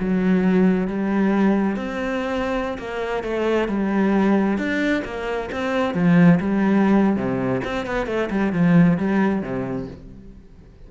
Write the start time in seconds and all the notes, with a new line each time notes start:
0.00 F#3
0.88 G3
1.77 C4
2.79 A#3
3.24 A3
3.69 G3
4.58 D4
5.05 A#3
5.52 C4
5.95 F3
6.41 G3
7.17 C3
7.65 C4
7.87 B3
8.07 A3
8.31 G3
8.53 F3
8.98 G3
9.43 C3